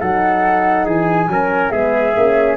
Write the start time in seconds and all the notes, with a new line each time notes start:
0.00 F#3 D#4 A4 F#5
0.85 E3 G#4 G#5
1.28 F#3 C#4 A#4
1.70 G#3 B3 G#4 E5
2.16 A#3 C#4